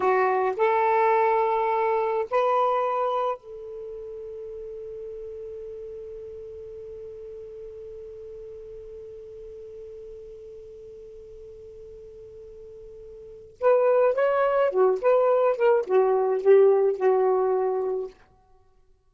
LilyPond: \new Staff \with { instrumentName = "saxophone" } { \time 4/4 \tempo 4 = 106 fis'4 a'2. | b'2 a'2~ | a'1~ | a'1~ |
a'1~ | a'1 | b'4 cis''4 fis'8 b'4 ais'8 | fis'4 g'4 fis'2 | }